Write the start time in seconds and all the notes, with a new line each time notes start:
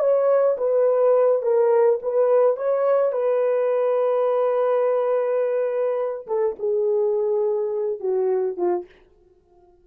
0.00 C#5
0.58 B4
1.43 A#4
2.03 B4
2.57 C#5
3.13 B4
6.28 A4
6.59 G#4
8.00 F#4
8.57 F4